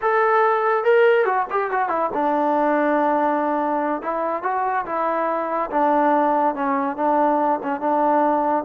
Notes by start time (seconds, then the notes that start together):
0.01 A4
0.84 A#4
1.25 F#4
1.50 G4
1.70 F#4
1.89 E4
2.13 D4
4.02 E4
4.43 F#4
4.85 E4
5.70 D4
6.55 C#4
6.96 D4
7.62 C#4
7.80 D4